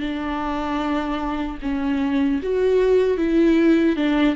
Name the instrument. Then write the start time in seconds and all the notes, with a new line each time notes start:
viola
0.00 D4
1.62 C#4
2.43 F#4
3.18 E4
3.96 D4